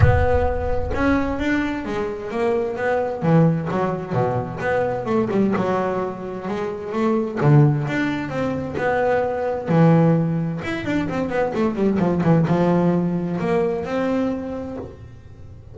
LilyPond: \new Staff \with { instrumentName = "double bass" } { \time 4/4 \tempo 4 = 130 b2 cis'4 d'4 | gis4 ais4 b4 e4 | fis4 b,4 b4 a8 g8 | fis2 gis4 a4 |
d4 d'4 c'4 b4~ | b4 e2 e'8 d'8 | c'8 b8 a8 g8 f8 e8 f4~ | f4 ais4 c'2 | }